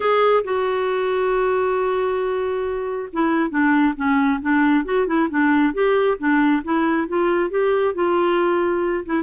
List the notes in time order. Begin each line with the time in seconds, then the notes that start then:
0.00 G#4
0.44 F#4
3.12 E4
3.50 D4
3.96 C#4
4.41 D4
4.84 F#4
5.06 E4
5.29 D4
5.73 G4
6.18 D4
6.64 E4
7.08 F4
7.50 G4
7.94 F4
9.05 E4